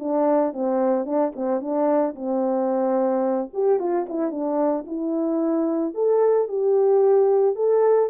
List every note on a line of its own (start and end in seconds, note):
0.00 0.53 D4
0.53 1.06 C4
1.06 1.33 D4
1.36 1.61 C4
1.61 2.15 D4
2.16 3.51 C4
3.54 3.80 G4
3.80 4.07 F4
4.10 4.31 E4
4.31 4.85 D4
4.87 5.95 E4
5.95 6.49 A4
6.49 7.56 G4
7.56 8.10 A4